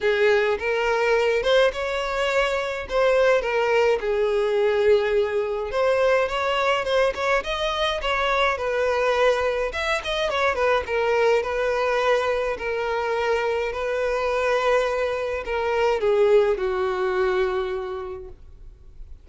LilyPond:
\new Staff \with { instrumentName = "violin" } { \time 4/4 \tempo 4 = 105 gis'4 ais'4. c''8 cis''4~ | cis''4 c''4 ais'4 gis'4~ | gis'2 c''4 cis''4 | c''8 cis''8 dis''4 cis''4 b'4~ |
b'4 e''8 dis''8 cis''8 b'8 ais'4 | b'2 ais'2 | b'2. ais'4 | gis'4 fis'2. | }